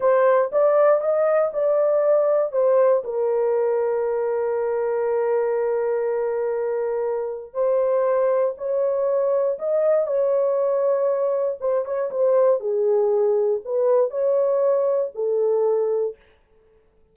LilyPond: \new Staff \with { instrumentName = "horn" } { \time 4/4 \tempo 4 = 119 c''4 d''4 dis''4 d''4~ | d''4 c''4 ais'2~ | ais'1~ | ais'2. c''4~ |
c''4 cis''2 dis''4 | cis''2. c''8 cis''8 | c''4 gis'2 b'4 | cis''2 a'2 | }